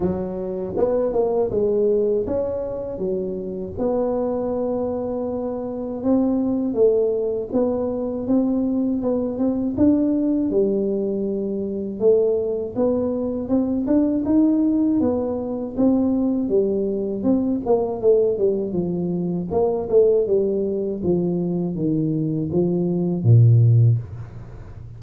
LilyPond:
\new Staff \with { instrumentName = "tuba" } { \time 4/4 \tempo 4 = 80 fis4 b8 ais8 gis4 cis'4 | fis4 b2. | c'4 a4 b4 c'4 | b8 c'8 d'4 g2 |
a4 b4 c'8 d'8 dis'4 | b4 c'4 g4 c'8 ais8 | a8 g8 f4 ais8 a8 g4 | f4 dis4 f4 ais,4 | }